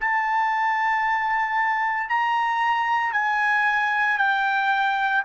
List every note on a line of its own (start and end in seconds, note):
0.00 2.09 A5
2.09 3.12 A#5
3.12 4.18 G#5
4.18 5.23 G5